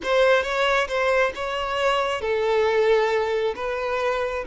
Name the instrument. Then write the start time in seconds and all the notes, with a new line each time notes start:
violin
0.03 C5
0.43 C#5
0.88 C5
1.35 C#5
2.21 A4
3.55 B4